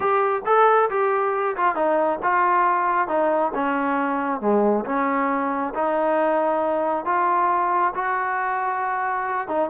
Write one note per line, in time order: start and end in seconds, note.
0.00 0.42 G4
0.45 0.89 A4
0.90 1.56 G4
1.56 1.75 F4
1.75 2.19 D#4
2.23 3.08 F4
3.08 3.52 D#4
3.54 4.40 C#4
4.40 4.84 G#3
4.85 5.73 C#4
5.74 7.05 D#4
7.05 7.93 F4
7.94 9.48 F#4
9.48 9.69 D#4